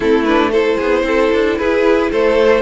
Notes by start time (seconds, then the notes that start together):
0.00 A3 C4 E4 A4
0.24 D4 B4
0.51 E4 A4 C5
0.77 B3 G#4
1.03 C4 A4
1.32 D4
1.57 E4 G#4 B4
2.11 A3 A4 C5